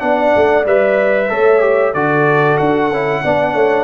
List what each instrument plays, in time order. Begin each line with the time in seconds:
0.00 tuba B3, trombone D4, horn D5, trumpet F#5
0.36 tuba A3
0.66 tuba G3, trombone B4, trumpet E5
1.30 tuba A3, trombone A4, horn C#5
1.61 trombone G4
1.94 tuba D3, trombone F#4, horn A4, trumpet D5
2.58 tuba D4, trumpet F#5
2.91 tuba C#4, trombone E4
3.24 tuba B3, trombone D4, horn D5
3.55 tuba A3, horn C#5